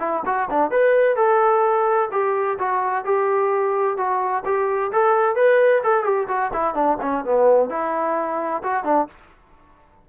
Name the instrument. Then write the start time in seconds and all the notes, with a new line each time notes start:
trombone
0.00 E4
0.26 F#4
0.51 D4
0.71 B4
1.16 A4
2.12 G4
2.59 F#4
3.05 G4
3.98 F#4
4.46 G4
4.93 A4
5.36 B4
5.84 A4
6.05 G4
6.29 F#4
6.54 E4
6.75 D4
7.02 C#4
7.25 B3
7.70 E4
8.64 F#4
8.85 D4